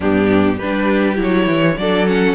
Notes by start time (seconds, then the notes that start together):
0.00 G2 B3 D4 G4
0.56 G3 D4 G4 B4
1.15 F#3 E4
1.21 C#5
1.47 E3
1.77 F#3 D4 A4 D5
2.06 C#4 F#5